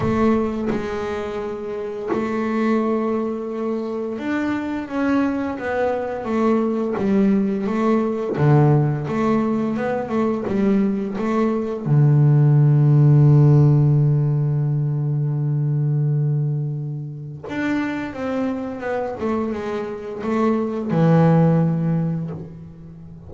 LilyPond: \new Staff \with { instrumentName = "double bass" } { \time 4/4 \tempo 4 = 86 a4 gis2 a4~ | a2 d'4 cis'4 | b4 a4 g4 a4 | d4 a4 b8 a8 g4 |
a4 d2.~ | d1~ | d4 d'4 c'4 b8 a8 | gis4 a4 e2 | }